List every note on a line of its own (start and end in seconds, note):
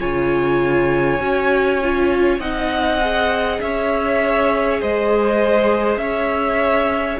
0.00 1.20 C#3
0.00 1.20 F4
0.00 2.40 C#5
0.00 2.40 G#5
1.20 2.39 C#4
1.20 1.80 F#4
1.83 2.40 F4
2.39 3.59 C4
2.39 3.00 D#4
2.39 3.60 D#5
2.39 3.60 F#5
3.01 7.19 G#4
3.61 4.81 C#4
3.61 4.80 C#5
3.61 4.81 E5
4.80 5.97 G#3
4.80 6.00 C5
4.80 5.98 D#5
5.97 7.17 C#4
5.97 7.19 C#5
5.97 7.17 E5